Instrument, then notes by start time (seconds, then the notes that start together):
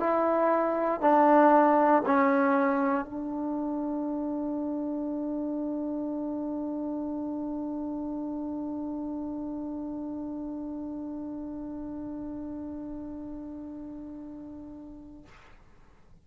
trombone
0.00 E4
1.01 D4
2.06 C#4
3.05 D4